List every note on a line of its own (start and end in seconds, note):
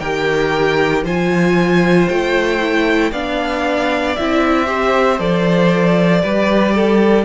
0.00 1.04 D#3
0.00 1.06 G4
0.00 1.04 A#4
0.00 1.03 G5
1.04 2.07 F3
1.04 2.61 F4
1.04 3.11 C5
1.04 2.09 G#5
2.09 3.12 A3
2.09 3.12 G5
2.61 3.13 E4
3.12 4.16 B3
3.12 4.17 D4
3.12 4.66 D5
3.12 4.16 F5
4.16 5.20 C4
4.16 4.66 E4
4.16 5.20 E5
4.66 5.18 G4
4.66 6.22 C5
5.19 6.23 F3
5.19 6.22 A4
5.19 7.26 D5
6.23 7.26 G3
6.23 7.26 G4
6.23 6.74 B4
6.75 7.26 A4